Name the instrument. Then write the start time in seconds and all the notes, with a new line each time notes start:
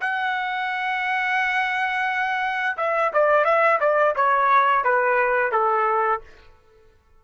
trumpet
0.00 F#5
2.77 E5
3.13 D5
3.44 E5
3.80 D5
4.16 C#5
4.84 B4
5.51 A4